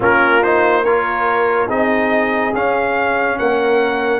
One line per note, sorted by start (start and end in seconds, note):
0.00 1.68 A#3
0.00 0.42 C#4
0.00 0.83 F4
0.00 0.43 A#4
0.42 0.84 D#4
0.42 0.84 C5
0.83 1.68 F4
0.83 1.67 A#4
0.83 1.68 C#5
1.67 2.53 C4
1.67 2.52 D#4
1.67 3.36 G#4
1.67 2.54 D#5
2.54 3.38 C#4
2.54 4.20 C#4
2.54 3.38 F5
3.38 4.20 A#3
3.38 4.20 A#4
3.38 4.20 F#5